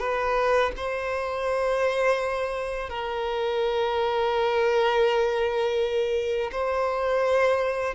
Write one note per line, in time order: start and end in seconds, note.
0.00 0.72 B4
0.77 2.90 C5
2.90 6.51 A#4
6.52 7.96 C5